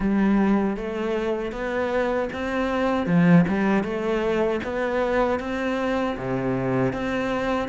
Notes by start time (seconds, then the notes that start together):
0.00 G3
0.77 A3
1.51 B3
2.32 C4
3.06 F3
3.48 G3
3.83 A3
4.63 B3
5.39 C4
6.17 C3
6.92 C4